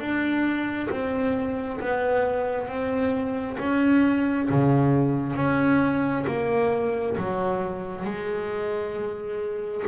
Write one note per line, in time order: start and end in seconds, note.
0.00 0.90 D4
0.91 1.80 C4
1.80 2.68 B3
2.68 3.58 C4
3.59 4.49 C#4
4.50 5.36 C#3
5.36 6.26 C#4
6.27 7.17 A#3
7.17 8.05 F#3
8.05 9.84 G#3